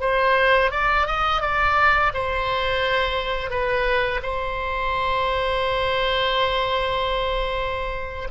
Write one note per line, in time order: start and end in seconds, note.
0.00 0.71 C5
0.71 1.06 D5
1.06 1.41 D#5
1.41 2.12 D5
2.13 3.50 C5
3.50 4.20 B4
4.22 8.28 C5